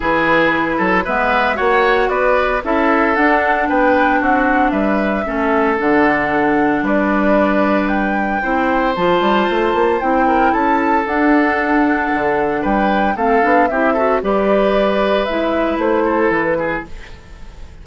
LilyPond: <<
  \new Staff \with { instrumentName = "flute" } { \time 4/4 \tempo 4 = 114 b'2 e''4 fis''4 | d''4 e''4 fis''4 g''4 | fis''4 e''2 fis''4~ | fis''4 d''2 g''4~ |
g''4 a''2 g''4 | a''4 fis''2. | g''4 f''4 e''4 d''4~ | d''4 e''4 c''4 b'4 | }
  \new Staff \with { instrumentName = "oboe" } { \time 4/4 gis'4. a'8 b'4 cis''4 | b'4 a'2 b'4 | fis'4 b'4 a'2~ | a'4 b'2. |
c''2.~ c''8 ais'8 | a'1 | b'4 a'4 g'8 a'8 b'4~ | b'2~ b'8 a'4 gis'8 | }
  \new Staff \with { instrumentName = "clarinet" } { \time 4/4 e'2 b4 fis'4~ | fis'4 e'4 d'2~ | d'2 cis'4 d'4~ | d'1 |
e'4 f'2 e'4~ | e'4 d'2.~ | d'4 c'8 d'8 e'8 fis'8 g'4~ | g'4 e'2. | }
  \new Staff \with { instrumentName = "bassoon" } { \time 4/4 e4. fis8 gis4 ais4 | b4 cis'4 d'4 b4 | c'4 g4 a4 d4~ | d4 g2. |
c'4 f8 g8 a8 ais8 c'4 | cis'4 d'2 d4 | g4 a8 b8 c'4 g4~ | g4 gis4 a4 e4 | }
>>